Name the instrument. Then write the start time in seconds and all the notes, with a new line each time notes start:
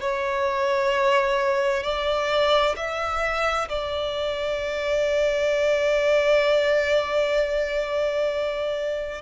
violin
0.00 C#5
1.83 D5
2.76 E5
3.68 D5